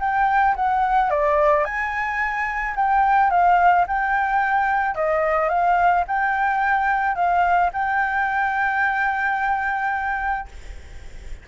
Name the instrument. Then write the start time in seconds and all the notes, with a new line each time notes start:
flute
0.00 G5
0.56 F#5
1.10 D5
1.65 G#5
2.76 G5
3.30 F5
3.87 G5
4.95 D#5
5.49 F5
6.07 G5
7.15 F5
7.73 G5